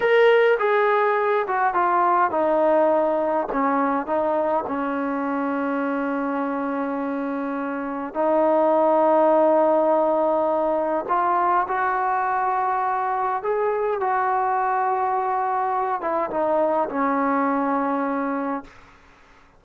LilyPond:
\new Staff \with { instrumentName = "trombone" } { \time 4/4 \tempo 4 = 103 ais'4 gis'4. fis'8 f'4 | dis'2 cis'4 dis'4 | cis'1~ | cis'2 dis'2~ |
dis'2. f'4 | fis'2. gis'4 | fis'2.~ fis'8 e'8 | dis'4 cis'2. | }